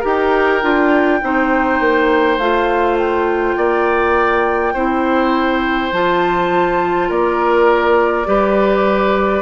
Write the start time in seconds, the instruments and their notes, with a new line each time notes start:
0.00 bassoon D#4, clarinet G4, oboe A#4, flute G5
0.62 bassoon D4, clarinet F4
1.22 bassoon C4, clarinet D#4, oboe C5
1.80 bassoon A#3
2.38 bassoon A3, clarinet F4, flute F5
2.98 flute G5
3.57 bassoon A#3, oboe D5
4.73 bassoon C4, clarinet E4, oboe C5
5.92 bassoon F3, clarinet F4, flute A5
7.09 bassoon A#3, oboe A#4, flute D5
8.25 bassoon G3, clarinet G4, oboe B4